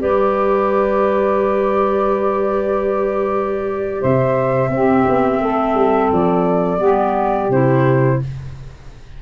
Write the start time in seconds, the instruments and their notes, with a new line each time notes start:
0.00 tuba G3, clarinet G4, saxophone B4, flute D5
4.01 tuba C3, saxophone C5, flute E5
4.69 tuba C4, clarinet C4, saxophone G4
5.07 tuba B3
5.41 tuba A3, saxophone A4
5.75 tuba G3
6.13 tuba F3, flute D5
6.78 tuba G3, clarinet B3, saxophone G4
7.49 tuba C3, clarinet E4, flute C5